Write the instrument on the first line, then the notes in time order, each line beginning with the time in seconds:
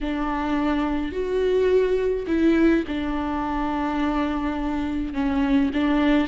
viola
0.01 D4
1.11 F#4
2.27 E4
2.87 D4
5.13 C#4
5.73 D4